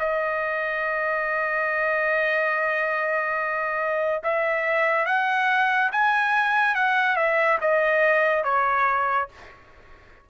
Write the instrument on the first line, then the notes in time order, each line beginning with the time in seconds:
trumpet
0.00 D#5
4.24 E5
5.06 F#5
5.92 G#5
6.76 F#5
7.16 E5
7.61 D#5
8.44 C#5